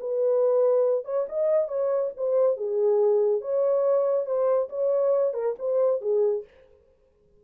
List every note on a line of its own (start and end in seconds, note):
0.00 1.05 B4
1.05 1.26 C#5
1.29 1.68 D#5
1.68 2.11 C#5
2.17 2.57 C5
2.57 3.41 G#4
3.41 4.26 C#5
4.26 4.69 C5
4.69 5.34 C#5
5.34 5.55 A#4
5.59 6.01 C5
6.01 6.44 G#4